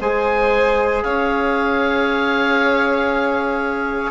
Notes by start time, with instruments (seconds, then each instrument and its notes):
0.00 bassoon G#3, trombone G#4, violin C5, oboe G#5
1.03 bassoon C#4, violin C#5, oboe F5